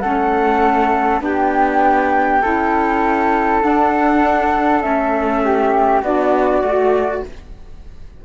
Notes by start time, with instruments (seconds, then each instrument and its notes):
0.00 cello A3, saxophone C#4, flute A4 F#5
1.20 cello B3, saxophone D4, flute G4 G5
2.42 cello C#4, saxophone E4, flute A4
3.62 saxophone D4, cello D4, flute F#5
4.81 cello A3, saxophone C#4, flute E5
5.44 flute G4
6.01 cello B3, saxophone D4, flute F#4 D5
6.62 cello A3, saxophone F#4